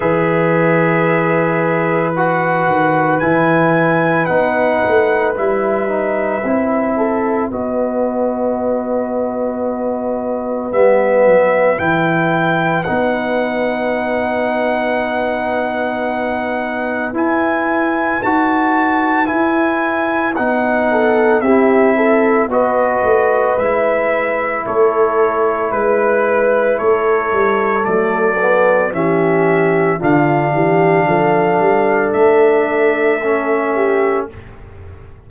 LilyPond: <<
  \new Staff \with { instrumentName = "trumpet" } { \time 4/4 \tempo 4 = 56 e''2 fis''4 gis''4 | fis''4 e''2 dis''4~ | dis''2 e''4 g''4 | fis''1 |
gis''4 a''4 gis''4 fis''4 | e''4 dis''4 e''4 cis''4 | b'4 cis''4 d''4 e''4 | f''2 e''2 | }
  \new Staff \with { instrumentName = "horn" } { \time 4/4 b'1~ | b'2~ b'8 a'8 b'4~ | b'1~ | b'1~ |
b'2.~ b'8 a'8 | g'8 a'8 b'2 a'4 | b'4 a'2 g'4 | f'8 g'8 a'2~ a'8 g'8 | }
  \new Staff \with { instrumentName = "trombone" } { \time 4/4 gis'2 fis'4 e'4 | dis'4 e'8 dis'8 e'4 fis'4~ | fis'2 b4 e'4 | dis'1 |
e'4 fis'4 e'4 dis'4 | e'4 fis'4 e'2~ | e'2 a8 b8 cis'4 | d'2. cis'4 | }
  \new Staff \with { instrumentName = "tuba" } { \time 4/4 e2~ e8 dis8 e4 | b8 a8 g4 c'4 b4~ | b2 g8 fis8 e4 | b1 |
e'4 dis'4 e'4 b4 | c'4 b8 a8 gis4 a4 | gis4 a8 g8 fis4 e4 | d8 e8 f8 g8 a2 | }
>>